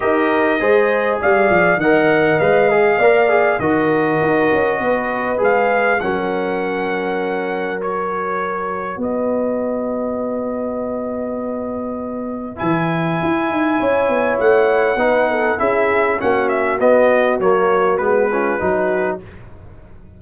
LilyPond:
<<
  \new Staff \with { instrumentName = "trumpet" } { \time 4/4 \tempo 4 = 100 dis''2 f''4 fis''4 | f''2 dis''2~ | dis''4 f''4 fis''2~ | fis''4 cis''2 dis''4~ |
dis''1~ | dis''4 gis''2. | fis''2 e''4 fis''8 e''8 | dis''4 cis''4 b'2 | }
  \new Staff \with { instrumentName = "horn" } { \time 4/4 ais'4 c''4 d''4 dis''4~ | dis''4 d''4 ais'2 | b'2 ais'2~ | ais'2. b'4~ |
b'1~ | b'2. cis''4~ | cis''4 b'8 a'8 gis'4 fis'4~ | fis'2~ fis'8 f'8 fis'4 | }
  \new Staff \with { instrumentName = "trombone" } { \time 4/4 g'4 gis'2 ais'4 | b'8 gis'8 ais'8 gis'8 fis'2~ | fis'4 gis'4 cis'2~ | cis'4 fis'2.~ |
fis'1~ | fis'4 e'2.~ | e'4 dis'4 e'4 cis'4 | b4 ais4 b8 cis'8 dis'4 | }
  \new Staff \with { instrumentName = "tuba" } { \time 4/4 dis'4 gis4 g8 f8 dis4 | gis4 ais4 dis4 dis'8 cis'8 | b4 gis4 fis2~ | fis2. b4~ |
b1~ | b4 e4 e'8 dis'8 cis'8 b8 | a4 b4 cis'4 ais4 | b4 fis4 gis4 fis4 | }
>>